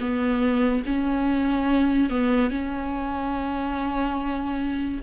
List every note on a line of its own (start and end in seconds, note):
0.00 0.83 B3
0.86 2.09 C#4
2.09 2.50 B3
2.50 5.00 C#4